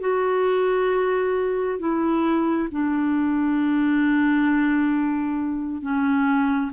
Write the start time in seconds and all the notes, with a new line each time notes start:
0.00 F#4
1.79 E4
2.72 D4
5.82 C#4